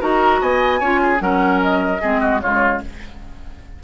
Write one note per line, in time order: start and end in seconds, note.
0.00 0.41 D#4
0.00 0.80 F#4
0.00 0.40 A#4
0.00 0.42 A#5
0.41 0.81 B3
0.41 0.80 D#5
0.41 1.20 G#5
0.80 1.20 C#4
0.80 1.18 F4
0.80 1.00 C#5
1.02 1.22 G#4
1.18 2.00 F#3
1.18 1.98 C#4
1.18 2.01 A#4
1.18 1.60 F#5
1.62 2.40 D#5
2.01 2.43 G#3
2.01 2.41 C4
2.01 2.20 G#4
2.20 2.40 F#4
2.40 2.83 C#3
2.40 2.81 G#3
2.40 2.82 F4
2.40 2.80 C#5